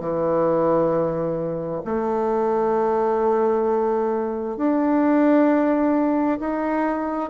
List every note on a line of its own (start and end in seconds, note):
0.00 1.82 E3
1.85 4.57 A3
4.57 6.38 D4
6.39 7.30 D#4